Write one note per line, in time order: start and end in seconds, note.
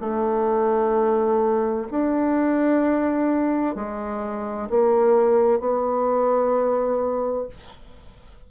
0.00 1.87 A3
1.90 3.75 D4
3.75 4.68 G#3
4.69 5.60 A#3
5.60 7.47 B3